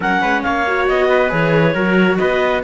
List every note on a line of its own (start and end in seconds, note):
0.00 0.19 F#3
0.00 0.65 C#4
0.00 0.21 A#4
0.00 0.42 F#5
0.21 0.44 G#3
0.21 0.43 B4
0.42 0.89 A#3
0.42 1.08 C#5
0.42 0.86 F5
0.67 1.29 F#4
0.87 1.32 B3
0.87 1.31 D#5
1.08 1.74 B4
1.29 1.74 E3
1.29 1.72 G#4
1.29 2.18 C#5
1.74 2.18 F#3
1.74 2.62 F#4
1.74 2.18 A#4
2.18 2.63 B3
2.18 2.63 B4
2.18 2.62 D#5